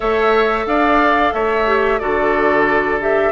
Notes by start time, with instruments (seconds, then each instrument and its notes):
0.00 bassoon A3, clarinet A4, oboe C#5, flute E5
0.66 bassoon D4, oboe D5, flute F5
1.33 bassoon A3, oboe C#5, flute E5
1.66 clarinet G4
1.99 bassoon D3, clarinet F#4, oboe A4, flute D5
2.99 clarinet G4, flute E5